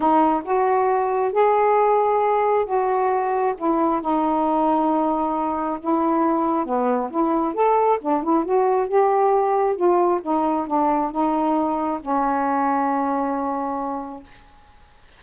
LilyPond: \new Staff \with { instrumentName = "saxophone" } { \time 4/4 \tempo 4 = 135 dis'4 fis'2 gis'4~ | gis'2 fis'2 | e'4 dis'2.~ | dis'4 e'2 b4 |
e'4 a'4 d'8 e'8 fis'4 | g'2 f'4 dis'4 | d'4 dis'2 cis'4~ | cis'1 | }